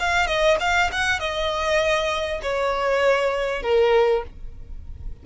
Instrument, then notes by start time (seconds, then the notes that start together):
violin
0.00 F5
0.27 D#5
0.61 F5
0.93 F#5
1.20 D#5
2.43 C#5
3.63 A#4